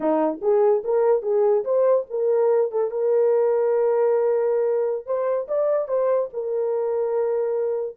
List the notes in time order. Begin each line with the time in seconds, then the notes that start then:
0.00 D#4
0.41 G#4
0.84 A#4
1.22 G#4
1.64 C5
2.10 A#4
2.71 A4
2.90 A#4
5.06 C5
5.48 D5
5.87 C5
6.33 A#4